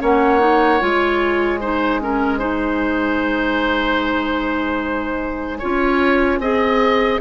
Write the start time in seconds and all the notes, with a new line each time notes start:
0.00 A#3 C#4 C#5 F#5
0.40 D#4
0.80 G#3 F4 G#5
1.60 D#4 C5
2.01 C#4 A#4
2.39 D#4 C5
5.59 C#4 F4 C#5
6.39 C4 G#4 D#5